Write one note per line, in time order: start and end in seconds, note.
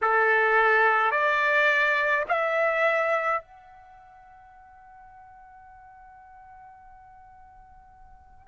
0.01 1.11 A4
1.11 2.24 D5
2.28 3.41 E5
3.41 8.47 F#5